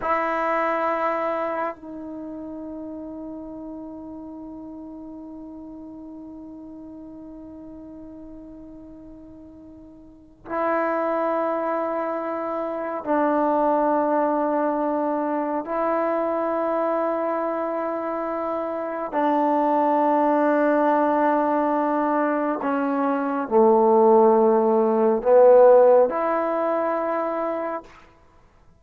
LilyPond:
\new Staff \with { instrumentName = "trombone" } { \time 4/4 \tempo 4 = 69 e'2 dis'2~ | dis'1~ | dis'1 | e'2. d'4~ |
d'2 e'2~ | e'2 d'2~ | d'2 cis'4 a4~ | a4 b4 e'2 | }